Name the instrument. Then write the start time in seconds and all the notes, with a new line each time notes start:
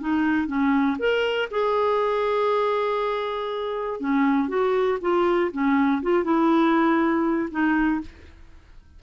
clarinet
0.00 D#4
0.47 C#4
0.99 A#4
1.50 G#4
4.00 C#4
4.48 F#4
5.01 F4
5.52 C#4
6.02 F4
6.24 E4
7.50 D#4